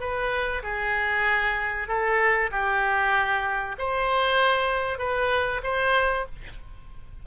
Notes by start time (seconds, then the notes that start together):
0.00 B4
0.63 G#4
1.88 A4
2.51 G4
3.78 C5
4.99 B4
5.63 C5